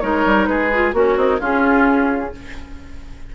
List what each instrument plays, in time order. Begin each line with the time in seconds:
0.00 bassoon G#3, clarinet D#4, oboe A#4, flute C#5
0.25 bassoon G3
0.46 bassoon G#3, oboe G#4, flute B4
0.74 clarinet F4
0.92 bassoon A#3, oboe C#4, clarinet F#4, flute A#4
1.16 bassoon C4, oboe D#4
1.39 clarinet C#4, bassoon C#4, oboe F4, flute G#4